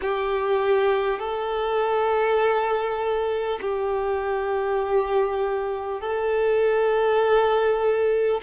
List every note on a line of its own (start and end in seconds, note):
0.01 1.19 G4
1.19 3.59 A4
3.61 6.00 G4
6.00 8.40 A4